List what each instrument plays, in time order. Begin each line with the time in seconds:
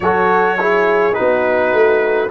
0.00 tuba F#3, trombone F#4, horn A4, trumpet C#5
0.58 trombone E4, horn G#4
1.12 trombone D#4, horn F#4, trumpet B4
1.19 tuba B3
1.73 tuba A3